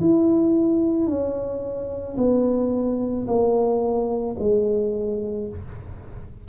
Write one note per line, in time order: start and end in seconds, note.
0.00 1.07 E4
1.07 2.16 C#4
2.17 3.26 B3
3.27 4.36 A#3
4.39 5.48 G#3